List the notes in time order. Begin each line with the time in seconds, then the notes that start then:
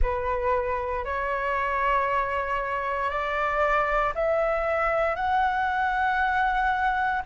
0.01 B4
1.04 C#5
3.09 D5
4.14 E5
5.15 F#5